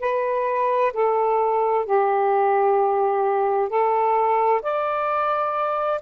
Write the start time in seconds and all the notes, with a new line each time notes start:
0.00 B4
0.94 A4
1.86 G4
3.69 A4
4.62 D5